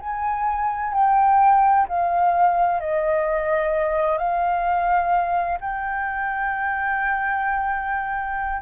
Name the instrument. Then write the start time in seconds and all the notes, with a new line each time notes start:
flute
0.00 G#5
0.94 G5
1.88 F5
2.80 D#5
4.18 F5
5.61 G5